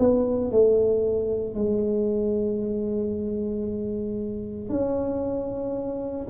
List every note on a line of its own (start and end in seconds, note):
0.00 0.52 B3
0.52 1.55 A3
1.55 4.70 G#3
4.70 6.28 C#4